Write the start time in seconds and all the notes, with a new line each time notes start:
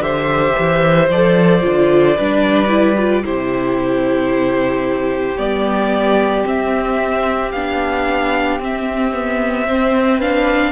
0.00 D3 G4 C5 E5
0.59 E3
1.10 F3 A4 D5
1.61 D3 F4
2.17 G3 D4 B4
2.69 E4
2.98 F4
3.24 C3 E4 G4 C5
5.37 G3 B3 D5
6.44 C4 E5
7.52 B3 D4 F5
8.59 C4 E5
9.13 B3
9.68 C4 C5
10.20 D4 B4 F5